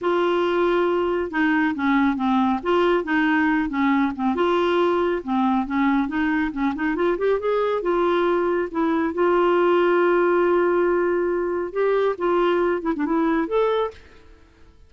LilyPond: \new Staff \with { instrumentName = "clarinet" } { \time 4/4 \tempo 4 = 138 f'2. dis'4 | cis'4 c'4 f'4 dis'4~ | dis'8 cis'4 c'8 f'2 | c'4 cis'4 dis'4 cis'8 dis'8 |
f'8 g'8 gis'4 f'2 | e'4 f'2.~ | f'2. g'4 | f'4. e'16 d'16 e'4 a'4 | }